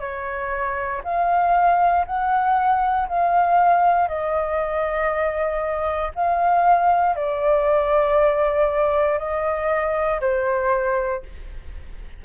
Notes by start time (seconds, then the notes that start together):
0.00 C#5
1.04 F5
2.07 F#5
3.08 F5
4.08 D#5
6.15 F5
7.16 D5
9.18 D#5
10.21 C5